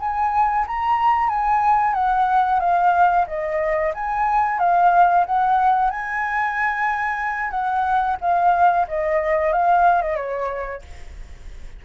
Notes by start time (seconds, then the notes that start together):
0.00 G#5
0.67 A#5
1.29 G#5
1.94 F#5
2.60 F5
3.27 D#5
3.95 G#5
4.59 F5
5.26 F#5
5.90 G#5
7.51 F#5
8.21 F5
8.88 D#5
9.53 F5
10.02 D#5
10.16 C#5